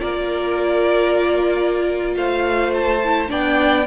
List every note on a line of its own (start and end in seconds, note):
0.00 2.16 A#3
0.00 3.00 F4
0.00 2.15 A#4
0.00 2.15 D5
2.16 3.30 A3
2.16 3.30 C5
2.16 2.74 F5
2.74 3.31 A5
3.04 3.28 E4
3.28 3.87 B3
3.28 3.85 D4
3.28 3.87 D5
3.28 3.87 G5